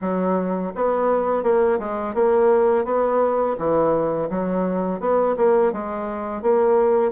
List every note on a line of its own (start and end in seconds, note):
0.01 0.72 F#3
0.75 1.43 B3
1.43 1.79 A#3
1.79 2.14 G#3
2.14 2.84 A#3
2.84 3.56 B3
3.57 4.29 E3
4.29 5.00 F#3
5.00 5.35 B3
5.36 5.72 A#3
5.72 6.42 G#3
6.42 7.11 A#3